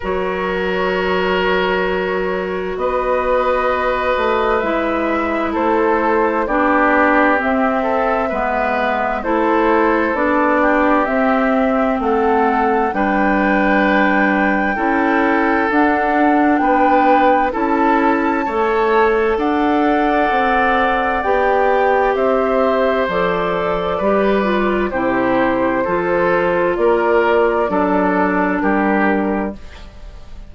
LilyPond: <<
  \new Staff \with { instrumentName = "flute" } { \time 4/4 \tempo 4 = 65 cis''2. dis''4~ | dis''4 e''4 c''4 d''4 | e''2 c''4 d''4 | e''4 fis''4 g''2~ |
g''4 fis''4 g''4 a''4~ | a''4 fis''2 g''4 | e''4 d''2 c''4~ | c''4 d''2 ais'4 | }
  \new Staff \with { instrumentName = "oboe" } { \time 4/4 ais'2. b'4~ | b'2 a'4 g'4~ | g'8 a'8 b'4 a'4. g'8~ | g'4 a'4 b'2 |
a'2 b'4 a'4 | cis''4 d''2. | c''2 b'4 g'4 | a'4 ais'4 a'4 g'4 | }
  \new Staff \with { instrumentName = "clarinet" } { \time 4/4 fis'1~ | fis'4 e'2 d'4 | c'4 b4 e'4 d'4 | c'2 d'2 |
e'4 d'2 e'4 | a'2. g'4~ | g'4 a'4 g'8 f'8 e'4 | f'2 d'2 | }
  \new Staff \with { instrumentName = "bassoon" } { \time 4/4 fis2. b4~ | b8 a8 gis4 a4 b4 | c'4 gis4 a4 b4 | c'4 a4 g2 |
cis'4 d'4 b4 cis'4 | a4 d'4 c'4 b4 | c'4 f4 g4 c4 | f4 ais4 fis4 g4 | }
>>